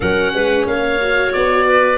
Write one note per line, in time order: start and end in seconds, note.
0.00 0.33 F#3
0.00 0.99 C#4
0.00 0.33 A#4
0.00 0.66 F#5
0.33 0.66 G#3
0.33 0.67 B4
0.66 1.33 A#3
0.66 1.67 C#5
0.66 1.32 F5
1.01 1.97 F#4
1.32 1.97 B3
1.32 1.97 D5
1.67 1.97 B4